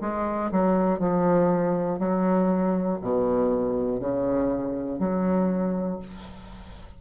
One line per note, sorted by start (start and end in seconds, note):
0.00 0.50 G#3
0.51 0.99 F#3
0.99 1.99 F3
1.99 2.99 F#3
3.01 4.00 B2
4.00 4.99 C#3
4.99 5.99 F#3